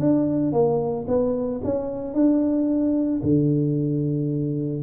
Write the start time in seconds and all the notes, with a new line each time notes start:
0.00 D4
0.53 A#3
1.08 B3
1.64 C#4
2.14 D4
3.23 D3